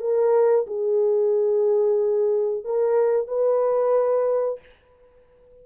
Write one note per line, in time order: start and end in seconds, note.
0.00 0.66 A#4
0.67 2.64 G#4
2.64 3.28 A#4
3.28 4.59 B4